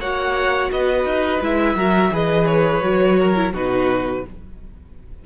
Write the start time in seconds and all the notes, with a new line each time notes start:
0.00 A#3 F#4 C#5 F#5
0.72 B3 B4 D#5
1.05 D#4
1.41 G#3 E4 E5
1.75 F#3 F#4 A#4
2.11 E3 G#4 B4 D#5
2.46 C#5
2.82 F#3 F#4
3.19 A#4
3.35 E4
3.53 B2 D#4 F#4 B4